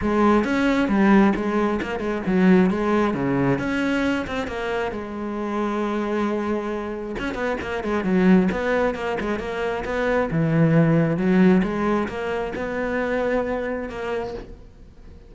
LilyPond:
\new Staff \with { instrumentName = "cello" } { \time 4/4 \tempo 4 = 134 gis4 cis'4 g4 gis4 | ais8 gis8 fis4 gis4 cis4 | cis'4. c'8 ais4 gis4~ | gis1 |
cis'8 b8 ais8 gis8 fis4 b4 | ais8 gis8 ais4 b4 e4~ | e4 fis4 gis4 ais4 | b2. ais4 | }